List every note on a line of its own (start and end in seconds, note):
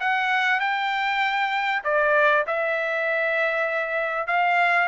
0.00 0.60 F#5
0.60 1.83 G5
1.84 2.45 D5
2.47 4.27 E5
4.27 4.88 F5